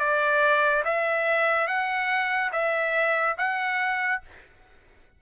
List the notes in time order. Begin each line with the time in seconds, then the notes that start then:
0.00 D5
0.85 E5
1.68 F#5
2.53 E5
3.38 F#5